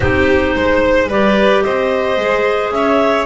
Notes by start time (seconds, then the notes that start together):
0.00 C4 D#4 G4 C5
0.55 G#3 C5
1.08 G3 G4 B4 D5
1.62 C4 C5 D#5
2.16 G#3 G#4
2.70 C#4 C#5 E5